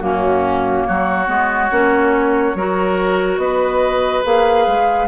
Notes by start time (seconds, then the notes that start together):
0.00 F#2 A#3 C#4 F#4
0.86 F#3 F#4 C#5
1.27 G#3 B3
1.71 A#3 C#4
2.55 F#3 F#4 A#4
3.37 B3 B4 D#5
4.24 A#3 G#4 F5
4.67 G#3